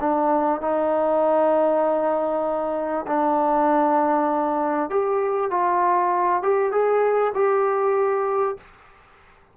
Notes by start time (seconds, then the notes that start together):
0.00 D4
0.61 D#4
3.07 D4
4.90 G4
5.50 F4
6.42 G4
6.72 G#4
7.34 G4